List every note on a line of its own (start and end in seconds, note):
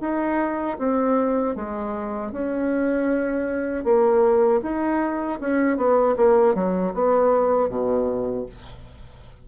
0.00 0.77 D#4
0.78 1.55 C4
1.55 2.31 G#3
2.31 3.84 C#4
3.84 4.61 A#3
4.62 5.39 D#4
5.40 5.77 C#4
5.77 6.15 B3
6.16 6.54 A#3
6.54 6.93 F#3
6.93 7.69 B3
7.69 8.45 B2